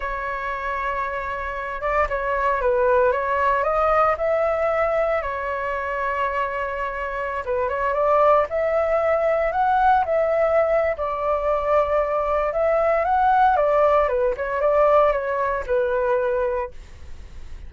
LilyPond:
\new Staff \with { instrumentName = "flute" } { \time 4/4 \tempo 4 = 115 cis''2.~ cis''8 d''8 | cis''4 b'4 cis''4 dis''4 | e''2 cis''2~ | cis''2~ cis''16 b'8 cis''8 d''8.~ |
d''16 e''2 fis''4 e''8.~ | e''4 d''2. | e''4 fis''4 d''4 b'8 cis''8 | d''4 cis''4 b'2 | }